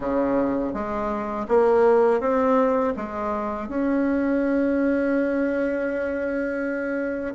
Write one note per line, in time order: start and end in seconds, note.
0.00 0.73 C#3
0.73 1.46 G#3
1.48 2.20 A#3
2.20 2.93 C4
2.96 3.68 G#3
3.68 7.34 C#4